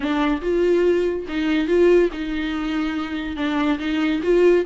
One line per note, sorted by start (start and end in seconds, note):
0.00 0.41 D4
0.41 1.26 F4
1.28 1.67 D#4
1.67 2.09 F4
2.12 3.36 D#4
3.36 3.78 D4
3.79 4.21 D#4
4.22 4.65 F4